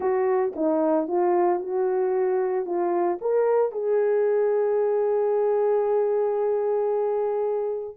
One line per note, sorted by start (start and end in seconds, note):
0.00 0.53 F#4
0.55 1.07 D#4
1.07 1.59 F4
1.59 2.65 F#4
2.65 3.18 F4
3.21 3.72 A#4
3.72 7.96 G#4